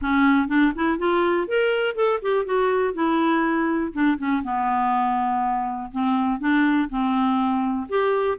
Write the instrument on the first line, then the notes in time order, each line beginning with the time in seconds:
clarinet
0.01 C#4
0.48 D4
0.75 E4
0.98 F4
1.47 A#4
1.95 A4
2.21 G4
2.45 F#4
2.94 E4
3.92 D4
4.18 C#4
4.43 B3
5.91 C4
6.39 D4
6.89 C4
7.88 G4